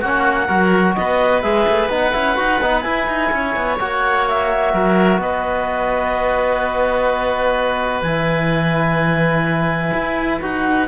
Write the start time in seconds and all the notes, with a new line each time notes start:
0.00 A#3 C#4 F#4 F#5
0.46 F#3 F#4 A#4
0.94 B3 B4 D#5
1.41 G#3 G#4 E5
1.67 A3
1.89 B3 D#4 F#5
2.12 C#4 E4
2.36 D#4 F#4
2.61 B3 D#4
2.81 E4 G#5
3.07 D#4
3.32 C#4 C#5
3.56 B3
3.79 A#3 F#4 F#5
4.28 E5
4.73 F#3 A#4
5.18 B3 B4 D#5
8.02 E3 E4 G#5
9.93 E4
10.41 D#4 F#4 F#5